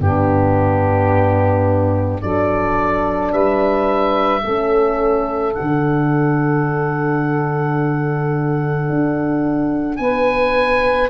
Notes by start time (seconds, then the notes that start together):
0.00 G2 B3 D4 G4
2.21 F#3 D4 A4 D5
3.33 G3 B4 E5
4.41 A3 A4
4.48 C#4
5.55 D4 F#5
5.61 D3
8.90 D4
9.97 B3 B4 G#5